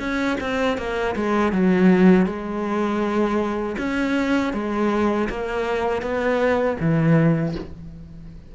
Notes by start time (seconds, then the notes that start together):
0.00 C#4
0.41 C4
0.78 A#3
1.16 G#3
1.53 F#3
2.26 G#3
3.78 C#4
4.54 G#3
5.30 A#3
6.02 B3
6.80 E3